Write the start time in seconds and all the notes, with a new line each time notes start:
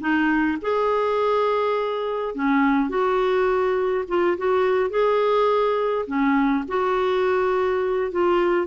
0.00 D#4
0.61 G#4
2.34 C#4
2.89 F#4
4.08 F4
4.37 F#4
4.90 G#4
6.07 C#4
6.68 F#4
8.11 F4